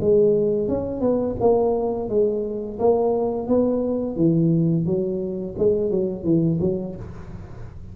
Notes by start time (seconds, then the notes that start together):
0.00 G#3
0.68 C#4
1.00 B3
1.40 A#3
2.09 G#3
2.79 A#3
3.47 B3
4.16 E3
4.86 F#3
5.58 G#3
5.90 F#3
6.24 E3
6.60 F#3